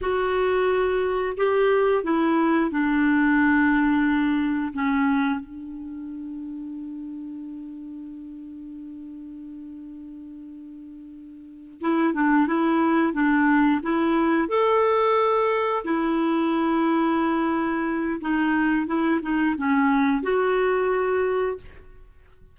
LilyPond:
\new Staff \with { instrumentName = "clarinet" } { \time 4/4 \tempo 4 = 89 fis'2 g'4 e'4 | d'2. cis'4 | d'1~ | d'1~ |
d'4. e'8 d'8 e'4 d'8~ | d'8 e'4 a'2 e'8~ | e'2. dis'4 | e'8 dis'8 cis'4 fis'2 | }